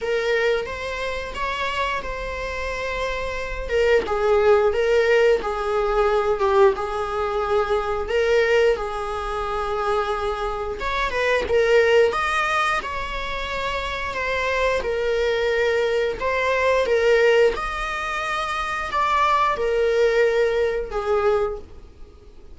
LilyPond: \new Staff \with { instrumentName = "viola" } { \time 4/4 \tempo 4 = 89 ais'4 c''4 cis''4 c''4~ | c''4. ais'8 gis'4 ais'4 | gis'4. g'8 gis'2 | ais'4 gis'2. |
cis''8 b'8 ais'4 dis''4 cis''4~ | cis''4 c''4 ais'2 | c''4 ais'4 dis''2 | d''4 ais'2 gis'4 | }